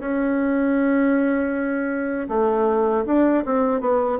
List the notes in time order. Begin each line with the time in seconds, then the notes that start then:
0.00 C#4
2.29 A3
3.06 D4
3.45 C4
3.80 B3